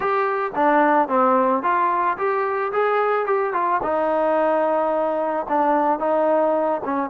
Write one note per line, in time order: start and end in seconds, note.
0.00 0.51 G4
0.55 1.08 D4
1.08 1.62 C4
1.62 2.17 F4
2.17 2.72 G4
2.72 3.26 G#4
3.26 3.53 G4
3.53 3.80 F4
3.83 5.46 D#4
5.48 5.99 D4
5.99 6.81 D#4
6.84 7.09 C#4